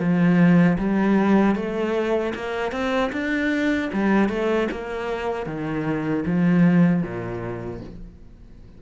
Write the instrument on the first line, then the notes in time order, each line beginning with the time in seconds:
cello
0.00 F3
0.79 G3
1.56 A3
2.36 A#3
2.72 C4
3.13 D4
3.94 G3
4.30 A3
4.72 A#3
5.47 D#3
6.26 F3
7.03 A#2